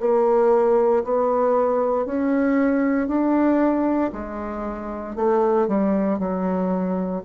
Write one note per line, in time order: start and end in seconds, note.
0.00 1.03 A#3
1.04 2.06 B3
2.06 3.08 C#4
3.08 4.11 D4
4.13 5.16 G#3
5.16 5.68 A3
5.68 6.19 G3
6.19 7.22 F#3